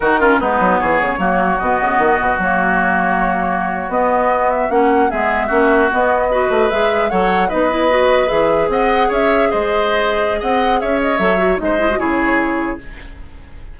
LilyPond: <<
  \new Staff \with { instrumentName = "flute" } { \time 4/4 \tempo 4 = 150 ais'4 b'4 cis''2 | dis''2 cis''2~ | cis''4.~ cis''16 dis''4. e''8 fis''16~ | fis''8. e''2 dis''4~ dis''16~ |
dis''8. e''4 fis''4 dis''4~ dis''16~ | dis''8. e''4 fis''4 e''4 dis''16~ | dis''2 fis''4 e''8 dis''8 | e''4 dis''4 cis''2 | }
  \new Staff \with { instrumentName = "oboe" } { \time 4/4 fis'8 f'8 dis'4 gis'4 fis'4~ | fis'1~ | fis'1~ | fis'8. gis'4 fis'2 b'16~ |
b'4.~ b'16 cis''4 b'4~ b'16~ | b'4.~ b'16 dis''4 cis''4 c''16~ | c''2 dis''4 cis''4~ | cis''4 c''4 gis'2 | }
  \new Staff \with { instrumentName = "clarinet" } { \time 4/4 dis'8 cis'8 b2 ais4 | b2 ais2~ | ais4.~ ais16 b2 cis'16~ | cis'8. b4 cis'4 b4 fis'16~ |
fis'8. gis'4 a'4 dis'8 e'8 fis'16~ | fis'8. gis'2.~ gis'16~ | gis'1 | a'8 fis'8 dis'8 e'16 fis'16 e'2 | }
  \new Staff \with { instrumentName = "bassoon" } { \time 4/4 dis4 gis8 fis8 e8 cis8 fis4 | b,8 cis8 dis8 b,8 fis2~ | fis4.~ fis16 b2 ais16~ | ais8. gis4 ais4 b4~ b16~ |
b16 a8 gis4 fis4 b4~ b16~ | b8. e4 c'4 cis'4 gis16~ | gis2 c'4 cis'4 | fis4 gis4 cis2 | }
>>